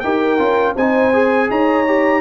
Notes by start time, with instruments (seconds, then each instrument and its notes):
0.00 tuba D#4, trombone G4, horn A#4, trumpet G5
0.38 tuba C#4, trombone F4
0.75 tuba C4, trombone D#4, horn C5, trumpet G#5
1.13 trombone G#4
1.50 tuba D#4, horn C#5, trumpet A#5
1.87 trombone G4